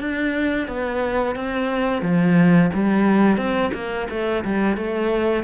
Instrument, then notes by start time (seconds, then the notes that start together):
cello
0.00 D4
0.68 B3
1.36 C4
2.02 F3
2.74 G3
3.37 C4
3.74 A#3
4.10 A3
4.45 G3
4.77 A3